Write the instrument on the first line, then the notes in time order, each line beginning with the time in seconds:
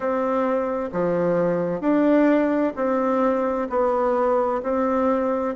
bassoon
0.00 C4
0.92 F3
1.80 D4
2.76 C4
3.69 B3
4.62 C4